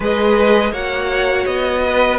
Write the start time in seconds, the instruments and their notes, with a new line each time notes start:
0.00 cello G#3, viola G#4, violin B4 D#5
0.71 cello A#3, viola F#4, violin C#5 F#5
1.46 cello B3, violin D#5
1.85 violin B4